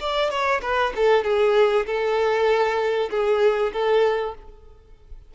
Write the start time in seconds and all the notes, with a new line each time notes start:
0.00 D5
0.30 C#5
0.62 B4
0.96 A4
1.24 G#4
1.86 A4
3.10 G#4
3.73 A4